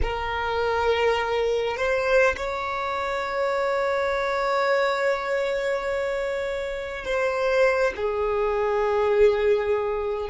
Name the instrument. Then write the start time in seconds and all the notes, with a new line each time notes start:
violin
0.02 A#4
1.76 C5
2.36 C#5
7.04 C5
7.96 G#4